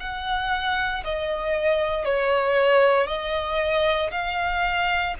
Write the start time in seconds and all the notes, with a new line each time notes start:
0.00 F#5
1.04 D#5
2.05 C#5
3.08 D#5
4.11 F5